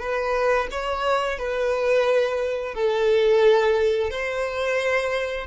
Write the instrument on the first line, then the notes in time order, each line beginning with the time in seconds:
violin
0.00 B4
0.72 C#5
1.39 B4
2.75 A4
4.11 C5